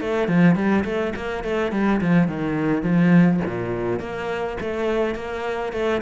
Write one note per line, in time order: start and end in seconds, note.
0.00 0.27 A3
0.27 0.55 F3
0.55 0.84 G3
0.84 1.13 A3
1.15 1.44 A#3
1.44 1.71 A3
1.71 2.00 G3
2.00 2.27 F3
2.27 2.82 D#3
2.82 3.40 F3
3.46 3.99 A#2
3.99 4.57 A#3
4.60 5.15 A3
5.15 5.72 A#3
5.72 6.01 A3